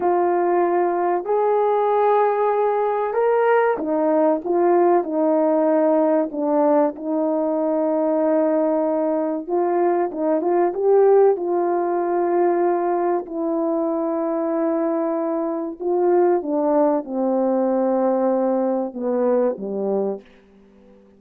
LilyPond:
\new Staff \with { instrumentName = "horn" } { \time 4/4 \tempo 4 = 95 f'2 gis'2~ | gis'4 ais'4 dis'4 f'4 | dis'2 d'4 dis'4~ | dis'2. f'4 |
dis'8 f'8 g'4 f'2~ | f'4 e'2.~ | e'4 f'4 d'4 c'4~ | c'2 b4 g4 | }